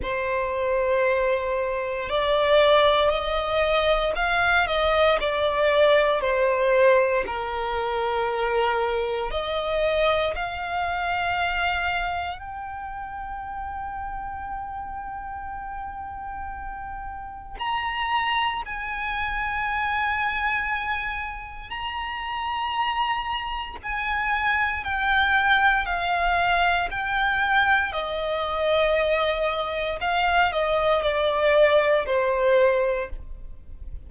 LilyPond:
\new Staff \with { instrumentName = "violin" } { \time 4/4 \tempo 4 = 58 c''2 d''4 dis''4 | f''8 dis''8 d''4 c''4 ais'4~ | ais'4 dis''4 f''2 | g''1~ |
g''4 ais''4 gis''2~ | gis''4 ais''2 gis''4 | g''4 f''4 g''4 dis''4~ | dis''4 f''8 dis''8 d''4 c''4 | }